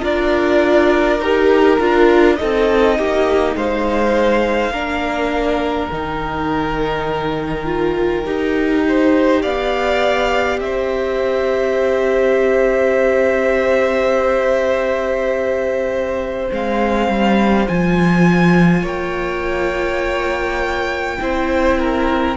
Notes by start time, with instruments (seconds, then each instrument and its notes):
0.00 cello D4, viola F4, violin A#4 D5
1.19 cello D#4, viola G4, violin A#4
1.79 cello D4, viola F4
2.35 viola D#4, violin A4 D#5
2.42 cello C4
2.98 cello A#3, violin G4
3.55 cello G#3, violin C5 F5
4.71 cello A#3, viola D4, violin A#4
5.89 cello D#3, viola D#4, violin G5
7.65 viola F4
8.25 cello D#4, viola G4
8.88 violin C5
9.41 cello B3, violin D5 F5
10.60 cello C4, violin C5 E5
16.48 cello G#3, viola C4, violin F5
17.08 cello G3
17.67 cello F3, viola F4, violin G#5
18.82 cello A#3, violin C#5 G5
21.19 cello C4, viola E4, violin C5
21.78 violin A#4